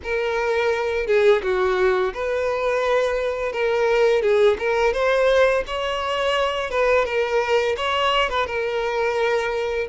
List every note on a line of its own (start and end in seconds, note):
0.03 1.07 A#4
1.07 1.42 G#4
1.42 2.13 F#4
2.13 3.52 B4
3.52 4.22 A#4
4.22 4.57 G#4
4.58 4.93 A#4
4.93 5.63 C5
5.66 6.70 C#5
6.70 7.05 B4
7.05 7.75 A#4
7.76 8.29 C#5
8.29 8.46 B4
8.46 9.87 A#4